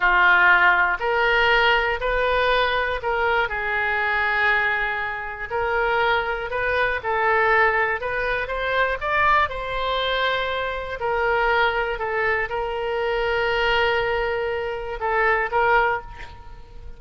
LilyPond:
\new Staff \with { instrumentName = "oboe" } { \time 4/4 \tempo 4 = 120 f'2 ais'2 | b'2 ais'4 gis'4~ | gis'2. ais'4~ | ais'4 b'4 a'2 |
b'4 c''4 d''4 c''4~ | c''2 ais'2 | a'4 ais'2.~ | ais'2 a'4 ais'4 | }